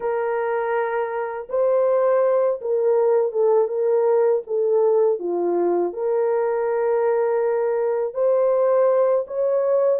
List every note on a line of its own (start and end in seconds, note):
0.00 1.47 A#4
1.49 2.60 C5
2.61 3.32 A#4
3.32 3.67 A4
3.67 4.41 A#4
4.46 5.19 A4
5.19 5.93 F4
5.93 8.13 A#4
8.13 9.25 C5
9.27 9.99 C#5